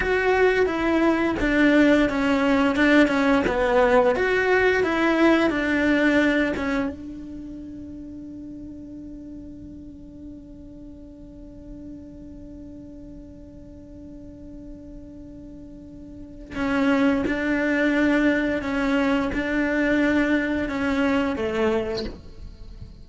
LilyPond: \new Staff \with { instrumentName = "cello" } { \time 4/4 \tempo 4 = 87 fis'4 e'4 d'4 cis'4 | d'8 cis'8 b4 fis'4 e'4 | d'4. cis'8 d'2~ | d'1~ |
d'1~ | d'1 | cis'4 d'2 cis'4 | d'2 cis'4 a4 | }